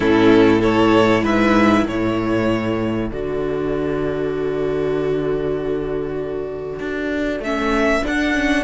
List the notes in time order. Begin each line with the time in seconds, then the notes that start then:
0.00 A2 C#4 E4 A4
0.60 E4 A4 C#5
1.22 G#2 B4 E5
1.83 A2 A4 C#5
3.11 D3 F#4 D5
6.79 D4
7.39 A3 C#4 E5
8.02 D4 F#5
8.33 C#4